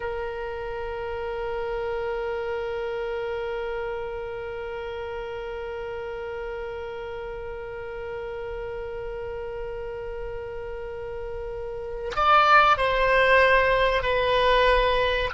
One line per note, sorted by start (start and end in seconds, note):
0.00 12.12 A#4
12.15 12.77 D5
12.77 14.02 C5
14.02 15.30 B4